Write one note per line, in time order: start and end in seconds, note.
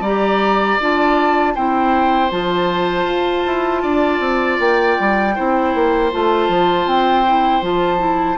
0.00 0.76 G3
0.00 0.80 G4
0.00 1.53 D5
0.00 0.79 A#5
0.80 1.56 D4
0.80 1.55 F4
0.80 1.55 A5
1.54 2.31 C4
1.54 2.30 E4
1.54 3.82 C5
1.54 2.31 G5
2.30 3.04 F3
2.30 5.34 F4
2.30 4.59 A5
3.04 3.42 F4
3.46 3.83 E4
3.82 4.19 D4
3.82 5.34 D5
4.19 4.57 C4
4.59 4.97 A#3
4.59 6.11 G5
4.99 5.37 G3
5.34 5.74 C4
5.34 6.11 E4
5.34 8.37 C5
5.74 6.12 A#3
6.11 6.48 A3
6.11 7.25 F4
6.11 6.87 A5
6.48 6.85 F3
6.85 7.61 C4
6.85 7.63 G5
7.25 7.62 E4
7.61 8.37 F3
7.61 7.98 F4
7.61 8.37 A5
7.98 8.36 E4